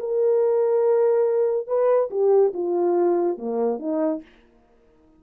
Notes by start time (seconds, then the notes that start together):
0.00 A#4
1.68 B4
2.11 G4
2.54 F4
3.38 A#3
3.80 D#4